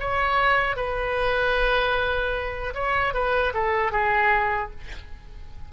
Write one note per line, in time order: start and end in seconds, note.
0.00 0.76 C#5
0.76 2.74 B4
2.75 3.14 C#5
3.14 3.53 B4
3.54 3.92 A4
3.92 4.71 G#4